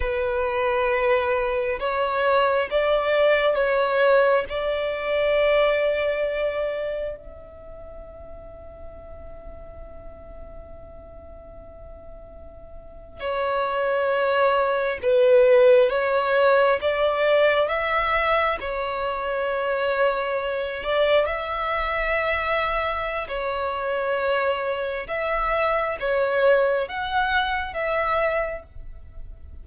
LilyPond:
\new Staff \with { instrumentName = "violin" } { \time 4/4 \tempo 4 = 67 b'2 cis''4 d''4 | cis''4 d''2. | e''1~ | e''2~ e''8. cis''4~ cis''16~ |
cis''8. b'4 cis''4 d''4 e''16~ | e''8. cis''2~ cis''8 d''8 e''16~ | e''2 cis''2 | e''4 cis''4 fis''4 e''4 | }